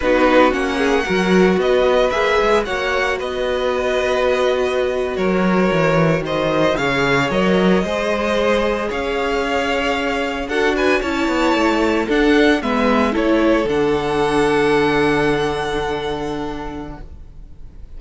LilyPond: <<
  \new Staff \with { instrumentName = "violin" } { \time 4/4 \tempo 4 = 113 b'4 fis''2 dis''4 | e''4 fis''4 dis''2~ | dis''4.~ dis''16 cis''2 dis''16~ | dis''8. f''4 dis''2~ dis''16~ |
dis''8. f''2. fis''16~ | fis''16 gis''8 a''2 fis''4 e''16~ | e''8. cis''4 fis''2~ fis''16~ | fis''1 | }
  \new Staff \with { instrumentName = "violin" } { \time 4/4 fis'4. gis'8 ais'4 b'4~ | b'4 cis''4 b'2~ | b'4.~ b'16 ais'2 c''16~ | c''8. cis''2 c''4~ c''16~ |
c''8. cis''2. a'16~ | a'16 b'8 cis''2 a'4 b'16~ | b'8. a'2.~ a'16~ | a'1 | }
  \new Staff \with { instrumentName = "viola" } { \time 4/4 dis'4 cis'4 fis'2 | gis'4 fis'2.~ | fis'1~ | fis'8. gis'4 ais'4 gis'4~ gis'16~ |
gis'2.~ gis'8. fis'16~ | fis'8. e'2 d'4 b16~ | b8. e'4 d'2~ d'16~ | d'1 | }
  \new Staff \with { instrumentName = "cello" } { \time 4/4 b4 ais4 fis4 b4 | ais8 gis8 ais4 b2~ | b4.~ b16 fis4 e4 dis16~ | dis8. cis4 fis4 gis4~ gis16~ |
gis8. cis'2. d'16~ | d'8. cis'8 b8 a4 d'4 gis16~ | gis8. a4 d2~ d16~ | d1 | }
>>